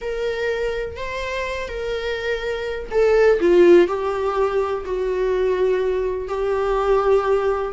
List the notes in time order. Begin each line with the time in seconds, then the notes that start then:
0.01 A#4
0.96 C5
1.68 A#4
2.91 A4
3.40 F4
3.87 G4
4.85 F#4
6.27 G4